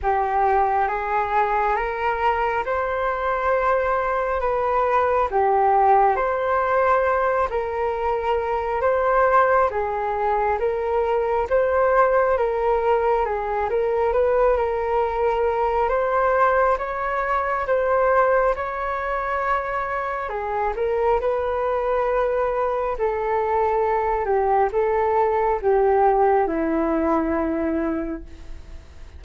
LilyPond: \new Staff \with { instrumentName = "flute" } { \time 4/4 \tempo 4 = 68 g'4 gis'4 ais'4 c''4~ | c''4 b'4 g'4 c''4~ | c''8 ais'4. c''4 gis'4 | ais'4 c''4 ais'4 gis'8 ais'8 |
b'8 ais'4. c''4 cis''4 | c''4 cis''2 gis'8 ais'8 | b'2 a'4. g'8 | a'4 g'4 e'2 | }